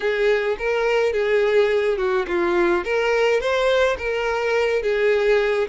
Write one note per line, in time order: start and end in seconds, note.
0.00 0.56 G#4
0.58 1.12 A#4
1.12 1.97 G#4
1.97 2.25 F#4
2.27 2.84 F4
2.84 3.40 A#4
3.40 3.96 C5
3.98 4.82 A#4
4.82 5.67 G#4